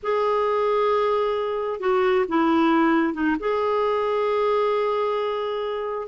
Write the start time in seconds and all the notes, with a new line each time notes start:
0.02 G#4
1.80 F#4
2.28 E4
3.13 D#4
3.39 G#4